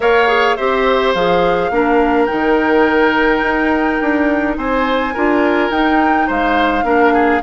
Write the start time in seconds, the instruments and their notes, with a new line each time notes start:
0.00 bassoon A#3, clarinet A#4, oboe C#5, flute F5
0.27 clarinet G#4
0.56 bassoon C4, clarinet G4, oboe C5, flute E5
1.13 bassoon F3, clarinet G#4, flute F5
1.70 bassoon A#3, clarinet D4, oboe A#4
2.25 clarinet D#4, flute G5
2.31 bassoon D#3
3.41 bassoon D#4
4.01 bassoon D4
4.57 bassoon C4, oboe C5, flute G#5
5.13 bassoon D4, clarinet F4, oboe A#4
5.70 bassoon D#4, clarinet D#4, flute G5
6.27 bassoon G#3, oboe C5, flute F5
6.83 bassoon A#3, clarinet D4, oboe A#4
7.13 oboe G#4